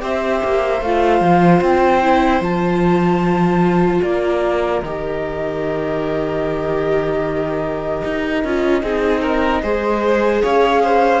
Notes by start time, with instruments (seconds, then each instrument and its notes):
0.00 cello C4, viola G4, violin C5, flute E5
0.44 cello A#3
0.81 cello A3, viola F4, flute F5
1.20 cello F3
1.61 cello C4, flute G5
2.02 viola E4
2.40 cello F3, viola F4, flute A5
4.01 cello A#3, violin A#4, flute D5
4.81 cello D#3, viola G4, flute D#5
8.04 cello D#4
8.44 cello C#4, viola F4
8.82 cello C4, viola D#4, violin G#4
9.21 violin A#4
9.62 cello G#3, viola G#4, violin C5
10.42 cello C#4, violin C#5, flute F5
10.82 violin C5